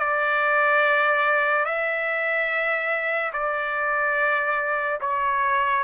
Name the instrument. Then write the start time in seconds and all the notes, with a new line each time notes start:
trumpet
0.00 D5
1.66 E5
3.33 D5
5.01 C#5